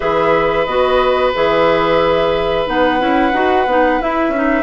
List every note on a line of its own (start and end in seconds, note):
0.00 0.67 E3
0.00 0.67 G#4
0.00 4.63 B4
0.00 0.65 E5
0.65 1.33 B3
0.65 1.34 F#4
0.65 1.31 D#5
1.34 2.67 E3
1.34 2.66 G#4
1.34 2.68 E5
2.66 3.00 B3
2.66 2.99 D#4
2.66 4.01 F#5
2.99 3.32 C#4
2.99 3.32 E4
3.32 3.66 D#4
3.32 3.66 F#4
3.66 3.99 B3
3.66 4.00 D#4
4.00 4.33 E4
4.00 4.28 E4
4.00 4.63 E5
4.28 4.62 C#4
4.35 4.63 D#4